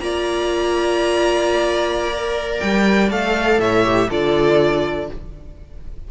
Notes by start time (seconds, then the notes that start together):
0.00 A#3 F4 D5 A#5
2.12 A#4
2.60 G3 G5
3.11 A3 A4 F5
3.59 A2 C#5 E5
3.85 G4
4.09 D3 F4 A4 D5